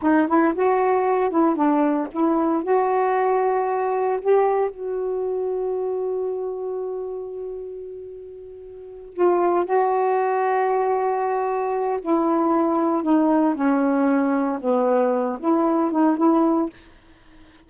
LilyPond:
\new Staff \with { instrumentName = "saxophone" } { \time 4/4 \tempo 4 = 115 dis'8 e'8 fis'4. e'8 d'4 | e'4 fis'2. | g'4 fis'2.~ | fis'1~ |
fis'4. f'4 fis'4.~ | fis'2. e'4~ | e'4 dis'4 cis'2 | b4. e'4 dis'8 e'4 | }